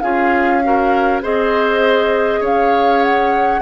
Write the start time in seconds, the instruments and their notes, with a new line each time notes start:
0.00 bassoon C#4, clarinet F4, oboe G#4, flute F5
0.63 clarinet F#4, oboe A#4
1.22 bassoon C4, clarinet G#4, oboe C5, flute D#5
2.40 bassoon C#4, oboe C#5, flute F5
3.02 flute F#5